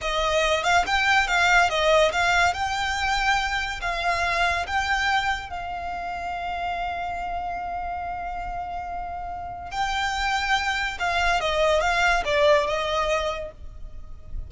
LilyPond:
\new Staff \with { instrumentName = "violin" } { \time 4/4 \tempo 4 = 142 dis''4. f''8 g''4 f''4 | dis''4 f''4 g''2~ | g''4 f''2 g''4~ | g''4 f''2.~ |
f''1~ | f''2. g''4~ | g''2 f''4 dis''4 | f''4 d''4 dis''2 | }